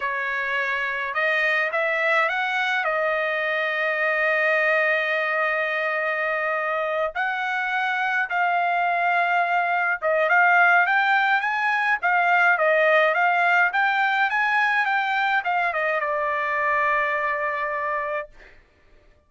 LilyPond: \new Staff \with { instrumentName = "trumpet" } { \time 4/4 \tempo 4 = 105 cis''2 dis''4 e''4 | fis''4 dis''2.~ | dis''1~ | dis''8 fis''2 f''4.~ |
f''4. dis''8 f''4 g''4 | gis''4 f''4 dis''4 f''4 | g''4 gis''4 g''4 f''8 dis''8 | d''1 | }